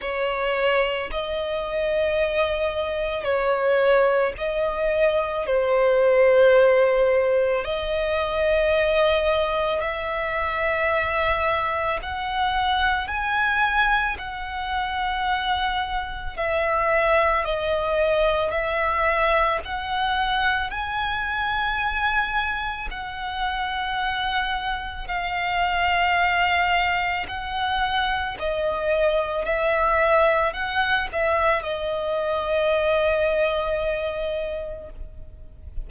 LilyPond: \new Staff \with { instrumentName = "violin" } { \time 4/4 \tempo 4 = 55 cis''4 dis''2 cis''4 | dis''4 c''2 dis''4~ | dis''4 e''2 fis''4 | gis''4 fis''2 e''4 |
dis''4 e''4 fis''4 gis''4~ | gis''4 fis''2 f''4~ | f''4 fis''4 dis''4 e''4 | fis''8 e''8 dis''2. | }